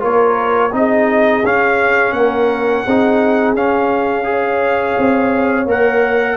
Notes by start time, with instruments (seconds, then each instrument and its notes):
0.00 tuba A#3, trombone F4, horn A#4, trumpet C#5
0.73 tuba C4, trombone D#4, horn G#4, trumpet D#5
1.44 tuba C#4, trombone C#4, trumpet F5
2.13 tuba A#3, horn A#4, trumpet F#5
2.85 tuba C4, trombone D#4, horn G#4
3.55 tuba C#4, trombone C#4, trumpet F5
4.25 trombone G#4
4.31 horn C#5
4.99 tuba C4
5.66 tuba A#3, trombone A#4, trumpet F#5